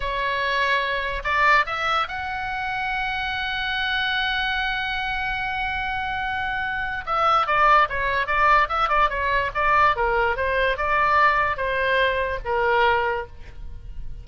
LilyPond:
\new Staff \with { instrumentName = "oboe" } { \time 4/4 \tempo 4 = 145 cis''2. d''4 | e''4 fis''2.~ | fis''1~ | fis''1~ |
fis''4 e''4 d''4 cis''4 | d''4 e''8 d''8 cis''4 d''4 | ais'4 c''4 d''2 | c''2 ais'2 | }